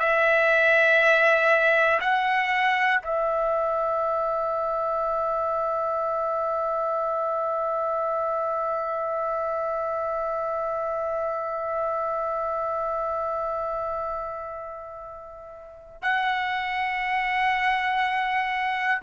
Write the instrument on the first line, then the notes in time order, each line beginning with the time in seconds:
trumpet
0.00 E5
2.01 F#5
3.03 E5
16.02 F#5